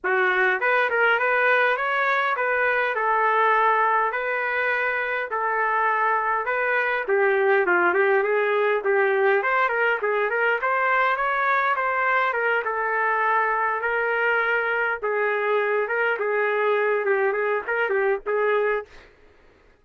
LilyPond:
\new Staff \with { instrumentName = "trumpet" } { \time 4/4 \tempo 4 = 102 fis'4 b'8 ais'8 b'4 cis''4 | b'4 a'2 b'4~ | b'4 a'2 b'4 | g'4 f'8 g'8 gis'4 g'4 |
c''8 ais'8 gis'8 ais'8 c''4 cis''4 | c''4 ais'8 a'2 ais'8~ | ais'4. gis'4. ais'8 gis'8~ | gis'4 g'8 gis'8 ais'8 g'8 gis'4 | }